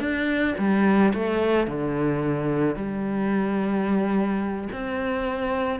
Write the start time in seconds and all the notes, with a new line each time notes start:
0.00 D4
0.58 G3
1.14 A3
1.67 D3
2.76 G3
4.72 C4